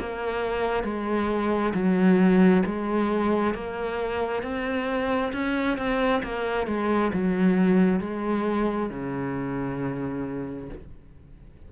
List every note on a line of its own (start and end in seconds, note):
0.00 0.84 A#3
0.84 1.74 G#3
1.74 2.64 F#3
2.66 3.55 G#3
3.55 4.43 A#3
4.43 5.33 C4
5.33 5.78 C#4
5.78 6.23 C4
6.24 6.68 A#3
6.68 7.12 G#3
7.14 8.01 F#3
8.01 8.90 G#3
8.90 10.69 C#3